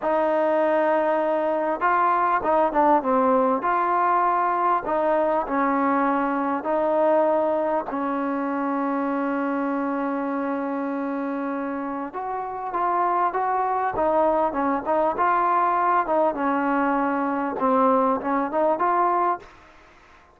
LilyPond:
\new Staff \with { instrumentName = "trombone" } { \time 4/4 \tempo 4 = 99 dis'2. f'4 | dis'8 d'8 c'4 f'2 | dis'4 cis'2 dis'4~ | dis'4 cis'2.~ |
cis'1 | fis'4 f'4 fis'4 dis'4 | cis'8 dis'8 f'4. dis'8 cis'4~ | cis'4 c'4 cis'8 dis'8 f'4 | }